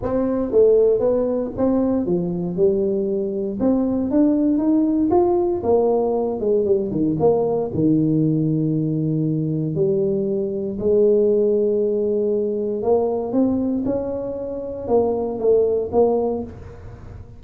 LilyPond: \new Staff \with { instrumentName = "tuba" } { \time 4/4 \tempo 4 = 117 c'4 a4 b4 c'4 | f4 g2 c'4 | d'4 dis'4 f'4 ais4~ | ais8 gis8 g8 dis8 ais4 dis4~ |
dis2. g4~ | g4 gis2.~ | gis4 ais4 c'4 cis'4~ | cis'4 ais4 a4 ais4 | }